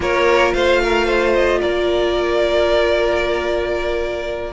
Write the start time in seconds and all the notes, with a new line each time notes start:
0.00 A#3 F4 A#4 C#5
0.53 A3 C5 F5
0.82 A#4
1.05 C5
1.34 D#5
1.60 A#3 A#4 D5